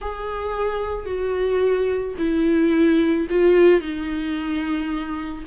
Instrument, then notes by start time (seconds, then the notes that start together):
viola
0.01 G#4
1.05 F#4
2.18 E4
3.30 F4
3.80 D#4